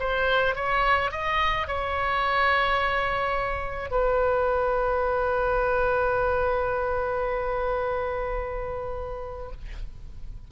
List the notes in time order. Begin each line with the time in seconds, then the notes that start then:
0.00 C5
0.56 C#5
1.12 D#5
1.68 C#5
3.91 B4